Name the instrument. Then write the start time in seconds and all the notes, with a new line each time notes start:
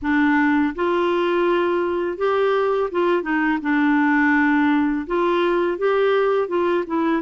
clarinet
0.02 D4
0.75 F4
2.17 G4
2.91 F4
3.22 D#4
3.61 D4
5.06 F4
5.78 G4
6.48 F4
6.86 E4